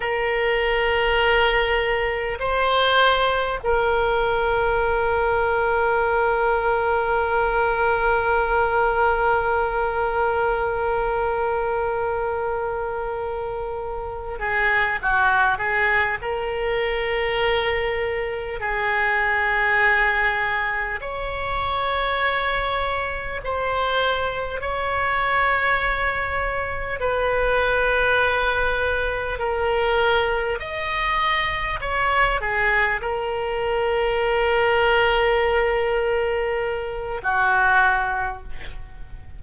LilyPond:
\new Staff \with { instrumentName = "oboe" } { \time 4/4 \tempo 4 = 50 ais'2 c''4 ais'4~ | ais'1~ | ais'1 | gis'8 fis'8 gis'8 ais'2 gis'8~ |
gis'4. cis''2 c''8~ | c''8 cis''2 b'4.~ | b'8 ais'4 dis''4 cis''8 gis'8 ais'8~ | ais'2. fis'4 | }